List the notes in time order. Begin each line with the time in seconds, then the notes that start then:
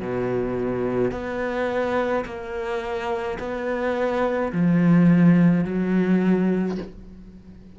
0.00 B2
1.11 B3
2.25 A#3
3.39 B3
4.52 F3
5.64 F#3